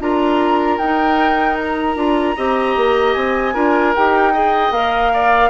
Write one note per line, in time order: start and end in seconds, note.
0.00 0.79 D4
0.00 0.80 F4
0.00 2.37 A#4
0.00 0.79 A#5
0.79 1.96 D#4
0.79 1.58 G5
1.58 3.14 A#5
1.96 2.36 D4
1.96 2.35 F4
2.37 2.77 C4
2.37 3.55 G4
2.37 3.54 D#5
2.77 3.16 A#3
3.14 3.55 C4
3.14 3.93 G#5
3.54 3.95 D4
3.54 3.94 F4
3.54 4.33 A#4
3.96 4.71 D#4
3.96 4.34 G4
3.96 4.73 G5
4.34 4.73 G#4
4.34 5.13 D#5
4.71 5.50 A#3
4.71 5.50 A#4
4.71 5.50 F5
5.14 5.50 D5